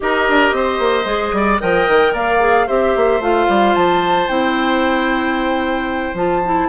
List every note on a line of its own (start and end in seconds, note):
0.00 0.29 D#4
0.00 1.04 G4
0.00 0.55 A#4
0.00 1.60 D#5
0.29 0.52 D4
0.52 0.79 C4
0.52 1.35 C5
0.79 1.04 A#3
1.04 1.31 G#3
1.04 1.57 G#4
1.32 1.59 G3
1.32 1.61 D5
1.60 1.88 F3
1.60 2.39 A#4
1.60 2.13 D#5
1.60 2.13 G5
1.88 2.13 D#3
2.13 2.66 A#3
2.13 2.66 D5
2.13 2.68 F5
2.39 2.66 G#4
2.66 2.96 C4
2.66 3.21 G4
2.66 6.68 C5
2.66 3.21 E5
2.96 3.19 A#3
3.19 3.46 A3
3.19 4.28 F4
3.19 3.74 F5
3.48 3.75 G3
3.74 4.29 F3
3.74 4.28 A5
4.28 6.14 C4
4.28 6.15 E4
4.28 6.15 G5
6.14 6.67 F3
6.14 6.42 F4
6.14 6.69 A5
6.45 6.69 E4